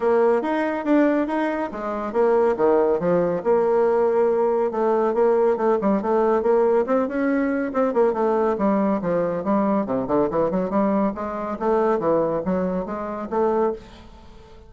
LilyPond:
\new Staff \with { instrumentName = "bassoon" } { \time 4/4 \tempo 4 = 140 ais4 dis'4 d'4 dis'4 | gis4 ais4 dis4 f4 | ais2. a4 | ais4 a8 g8 a4 ais4 |
c'8 cis'4. c'8 ais8 a4 | g4 f4 g4 c8 d8 | e8 fis8 g4 gis4 a4 | e4 fis4 gis4 a4 | }